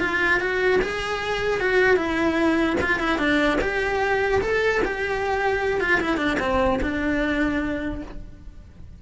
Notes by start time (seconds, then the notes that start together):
0.00 F4
0.40 F#4
0.81 G#4
1.60 F#4
1.96 E4
2.81 F4
2.99 E4
3.18 D4
3.61 G4
4.42 A4
4.85 G4
5.81 F4
6.01 E4
6.17 D4
6.40 C4
6.82 D4